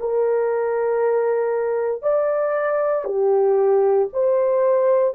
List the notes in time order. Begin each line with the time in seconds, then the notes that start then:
0.00 A#4
2.02 D5
3.05 G4
4.13 C5